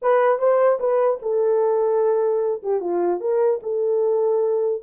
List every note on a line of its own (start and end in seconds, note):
0.01 0.39 B4
0.39 0.79 C5
0.79 1.19 B4
1.22 2.62 A4
2.62 2.80 G4
2.80 3.20 F4
3.20 3.60 A#4
3.62 4.82 A4